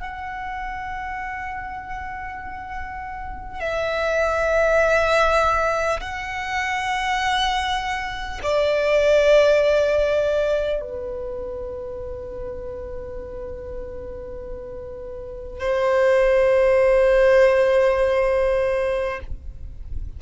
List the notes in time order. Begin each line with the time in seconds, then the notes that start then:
0.00 F#5
3.60 E5
6.01 F#5
8.43 D5
10.82 B4
15.60 C5